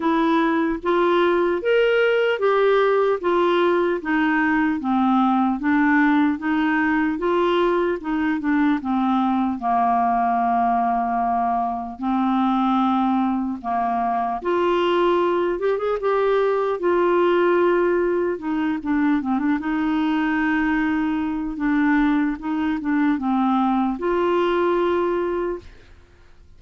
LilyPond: \new Staff \with { instrumentName = "clarinet" } { \time 4/4 \tempo 4 = 75 e'4 f'4 ais'4 g'4 | f'4 dis'4 c'4 d'4 | dis'4 f'4 dis'8 d'8 c'4 | ais2. c'4~ |
c'4 ais4 f'4. g'16 gis'16 | g'4 f'2 dis'8 d'8 | c'16 d'16 dis'2~ dis'8 d'4 | dis'8 d'8 c'4 f'2 | }